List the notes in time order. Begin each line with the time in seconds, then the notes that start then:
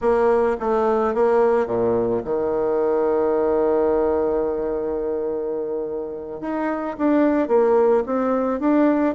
0.01 A#3
0.60 A3
1.14 A#3
1.66 A#2
2.24 D#3
6.40 D#4
6.97 D4
7.48 A#3
8.06 C4
8.60 D4